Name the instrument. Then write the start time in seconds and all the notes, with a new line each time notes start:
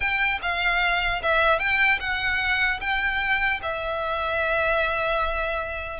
violin
0.00 G5
0.41 F5
1.22 E5
1.59 G5
1.99 F#5
2.80 G5
3.62 E5